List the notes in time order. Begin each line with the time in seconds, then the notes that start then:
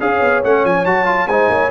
0.00 C#4 G#4 C#5 F5
0.21 B3
0.44 A3 C#4 F#5
0.64 F3 G#5
0.85 F#3 F#4 A5
1.05 F4
1.27 G#3 D#4 C5 G#5
1.49 A#3 C#5